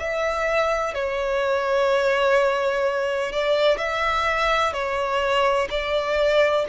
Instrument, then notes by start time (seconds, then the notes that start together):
violin
0.00 E5
0.94 C#5
3.33 D5
3.78 E5
4.74 C#5
5.71 D5